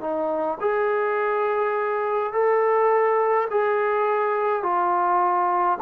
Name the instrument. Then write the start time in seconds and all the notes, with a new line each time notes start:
trombone
0.00 D#4
0.60 G#4
2.32 A4
3.50 G#4
4.63 F4